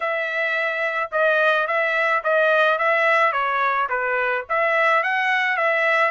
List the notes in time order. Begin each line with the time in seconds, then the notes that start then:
0.00 E5
1.11 D#5
1.67 E5
2.23 D#5
2.78 E5
3.32 C#5
3.89 B4
4.49 E5
5.03 F#5
5.57 E5